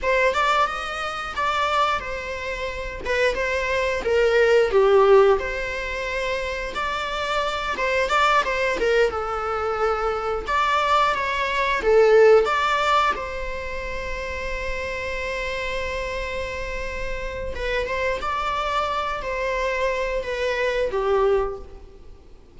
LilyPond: \new Staff \with { instrumentName = "viola" } { \time 4/4 \tempo 4 = 89 c''8 d''8 dis''4 d''4 c''4~ | c''8 b'8 c''4 ais'4 g'4 | c''2 d''4. c''8 | d''8 c''8 ais'8 a'2 d''8~ |
d''8 cis''4 a'4 d''4 c''8~ | c''1~ | c''2 b'8 c''8 d''4~ | d''8 c''4. b'4 g'4 | }